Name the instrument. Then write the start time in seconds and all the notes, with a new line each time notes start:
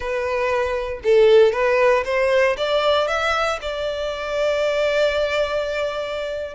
violin
0.00 B4
1.03 A4
1.52 B4
2.05 C5
2.57 D5
3.07 E5
3.61 D5